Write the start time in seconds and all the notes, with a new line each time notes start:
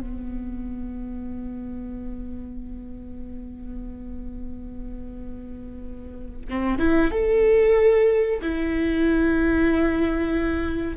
0.00 B3
6.49 C4
6.78 E4
7.11 A4
8.41 E4